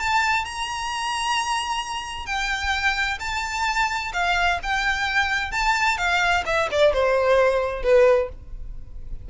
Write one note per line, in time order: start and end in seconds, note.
0.00 0.45 A5
0.45 2.27 A#5
2.27 3.19 G5
3.20 4.12 A5
4.13 4.60 F5
4.63 5.52 G5
5.52 5.98 A5
5.98 6.44 F5
6.46 6.69 E5
6.72 6.94 D5
6.94 7.83 C5
7.83 8.29 B4